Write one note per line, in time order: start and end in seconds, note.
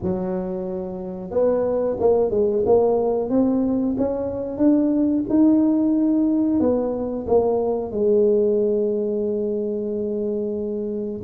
0.02 1.30 F#3
1.30 1.96 B3
1.99 2.30 A#3
2.30 2.63 G#3
2.65 3.29 A#3
3.29 3.95 C4
3.97 4.57 C#4
4.57 5.23 D4
5.29 6.60 D#4
6.60 7.26 B3
7.26 7.91 A#3
7.91 11.21 G#3